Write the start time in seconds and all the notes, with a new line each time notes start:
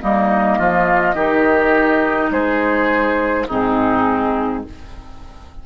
0.00 G3 A#3 D#4 D#5
0.58 F3 F4
1.14 D#3 D#4 G4
2.30 G#3 G#4 C5
3.47 G#2 C4 D#4 G#4